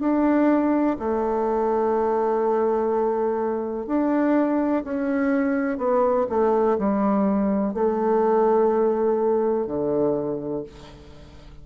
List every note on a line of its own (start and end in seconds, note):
0.00 0.97 D4
0.99 3.87 A3
3.87 4.84 D4
4.84 5.78 C#4
5.78 6.26 B3
6.30 6.78 A3
6.79 7.74 G3
7.74 9.67 A3
9.67 10.64 D3